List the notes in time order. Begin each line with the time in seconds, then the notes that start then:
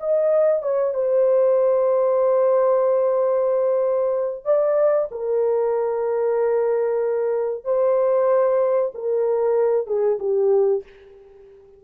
0.00 D#5
0.62 C#5
0.94 C5
4.45 D5
5.11 A#4
7.64 C5
8.94 A#4
9.86 G#4
10.19 G4